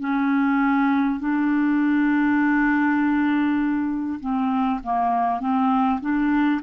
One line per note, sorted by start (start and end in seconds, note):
0.00 1.19 C#4
1.19 4.19 D4
4.19 4.79 C4
4.83 5.40 A#3
5.40 6.00 C4
6.00 6.60 D4